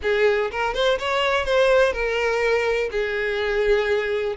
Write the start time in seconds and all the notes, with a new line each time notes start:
0.02 G#4
0.51 A#4
0.74 C5
0.98 C#5
1.45 C5
1.92 A#4
2.91 G#4